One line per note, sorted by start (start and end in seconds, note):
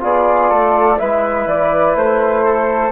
0.00 0.50 B3
0.00 0.97 F4
0.00 0.50 G#4
0.00 0.99 D5
0.50 0.99 A3
0.50 0.98 A4
0.97 1.46 G#3
0.97 2.91 E4
0.97 2.44 B4
0.97 1.47 E5
1.46 1.95 E3
1.46 1.96 D5
1.95 2.92 A3
1.95 2.92 C5
2.44 2.92 A4